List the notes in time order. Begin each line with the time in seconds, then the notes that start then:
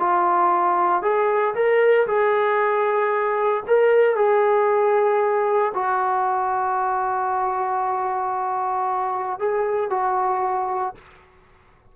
0.00 F4
1.03 G#4
1.55 A#4
2.07 G#4
3.68 A#4
4.16 G#4
5.75 F#4
9.39 G#4
9.91 F#4